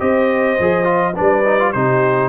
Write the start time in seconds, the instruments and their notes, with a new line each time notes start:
0.00 tuba C4, trombone G4, horn C5, trumpet D#5
0.60 tuba F3, trombone G#4
0.84 trombone F4
1.16 tuba G3, trombone D4, horn B4, trumpet D5
1.46 trombone D#4
1.60 trombone F4
1.72 tuba C3, trombone D#4, horn G4, trumpet C5